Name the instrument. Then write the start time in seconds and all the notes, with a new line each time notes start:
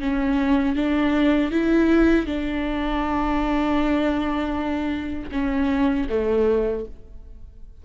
viola
0.00 C#4
0.76 D4
1.51 E4
2.26 D4
5.32 C#4
6.09 A3